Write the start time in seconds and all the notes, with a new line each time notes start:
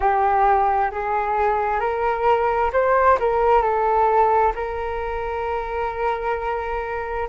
0.00 G4
0.91 G#4
1.80 A#4
2.72 C5
3.19 A#4
3.62 A4
4.55 A#4